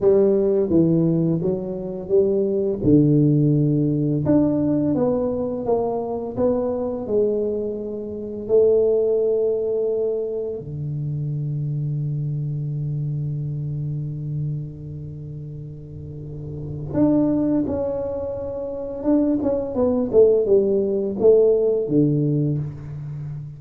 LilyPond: \new Staff \with { instrumentName = "tuba" } { \time 4/4 \tempo 4 = 85 g4 e4 fis4 g4 | d2 d'4 b4 | ais4 b4 gis2 | a2. d4~ |
d1~ | d1 | d'4 cis'2 d'8 cis'8 | b8 a8 g4 a4 d4 | }